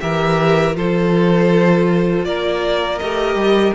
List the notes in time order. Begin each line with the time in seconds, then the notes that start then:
0.00 E3 G4 A#4 E5
0.73 F3 F4 A4 C5
2.25 A#3 A#4 D5
2.99 A3 G4 D#5
3.35 G3